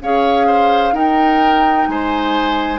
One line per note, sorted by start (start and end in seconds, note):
0.00 0.92 C#4
0.00 0.93 G#4
0.00 0.46 C#5
0.00 0.95 F5
0.46 0.93 C5
0.92 1.86 D#4
0.92 2.79 D#4
0.92 1.88 A#4
0.92 1.87 G5
1.87 2.79 G#3
1.87 2.79 C5
1.87 2.79 G#5